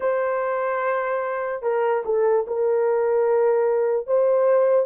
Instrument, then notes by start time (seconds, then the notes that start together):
horn
0.00 C5
1.62 A#4
2.05 A4
2.47 A#4
4.06 C5